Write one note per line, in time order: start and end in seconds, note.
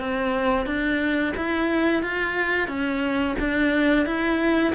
0.00 0.66 C4
0.66 1.34 D4
1.37 2.03 E4
2.03 2.68 F4
2.68 3.36 C#4
3.40 4.06 D4
4.06 4.74 E4